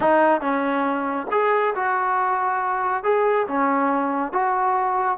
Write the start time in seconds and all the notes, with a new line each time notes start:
0.00 D#4
0.41 C#4
1.31 G#4
1.75 F#4
3.03 G#4
3.47 C#4
4.32 F#4